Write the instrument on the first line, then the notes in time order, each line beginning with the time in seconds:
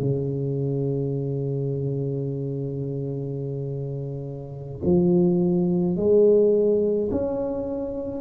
tuba
0.00 C#3
4.84 F3
5.96 G#3
7.11 C#4